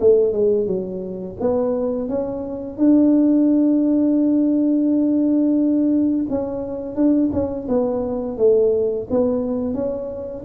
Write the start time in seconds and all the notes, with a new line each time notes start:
0.00 A3
0.32 G#3
0.67 F#3
1.40 B3
2.08 C#4
2.77 D4
6.29 C#4
6.95 D4
7.32 C#4
7.68 B3
8.37 A3
9.10 B3
9.74 C#4